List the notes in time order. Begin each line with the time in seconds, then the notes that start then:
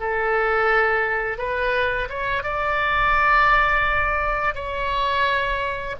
0.00 A4
1.38 B4
2.09 C#5
2.43 D5
4.54 C#5